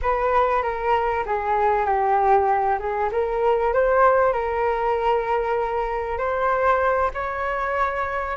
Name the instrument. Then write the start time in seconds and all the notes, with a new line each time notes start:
flute
0.02 B4
0.62 A#4
1.26 G#4
1.85 G4
2.79 G#4
3.12 A#4
3.73 C5
4.32 A#4
6.18 C5
7.13 C#5